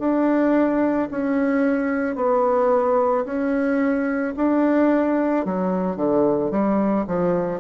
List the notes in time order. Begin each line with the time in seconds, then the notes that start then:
0.00 D4
1.12 C#4
2.16 B3
3.26 C#4
4.37 D4
5.46 F#3
5.97 D3
6.52 G3
7.08 F3